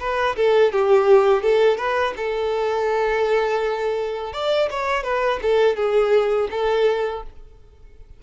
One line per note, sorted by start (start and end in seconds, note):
0.00 0.36 B4
0.36 0.72 A4
0.72 1.43 G4
1.43 1.78 A4
1.78 2.14 B4
2.17 4.33 A4
4.33 4.69 D5
4.71 5.04 C#5
5.04 5.40 B4
5.42 5.76 A4
5.76 6.49 G#4
6.51 7.23 A4